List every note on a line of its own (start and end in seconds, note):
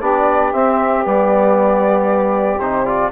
0.00 0.53 B3
0.00 0.53 D4
0.00 3.10 G4
0.00 0.53 D5
0.53 1.04 C4
0.53 1.06 C4
0.53 1.05 E5
1.04 2.59 G3
1.04 2.59 B3
1.04 2.60 D5
2.59 3.11 C3
2.59 2.86 D#4
2.59 2.85 C5
2.85 3.12 F4
2.85 3.11 D5